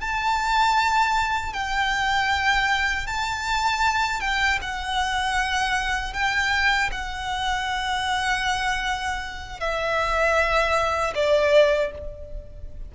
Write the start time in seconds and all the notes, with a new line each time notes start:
0.00 A5
1.53 G5
3.07 A5
4.20 G5
4.61 F#5
6.13 G5
6.91 F#5
9.59 E5
11.14 D5